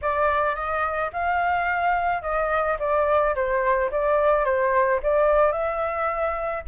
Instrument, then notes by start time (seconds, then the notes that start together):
flute
0.01 D5
0.55 D#5
1.12 F5
2.21 D#5
2.79 D5
3.35 C5
3.91 D5
4.44 C5
5.02 D5
5.52 E5